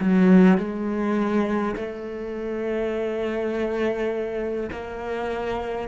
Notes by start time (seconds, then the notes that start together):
0.00 F#3
0.58 G#3
1.76 A3
4.72 A#3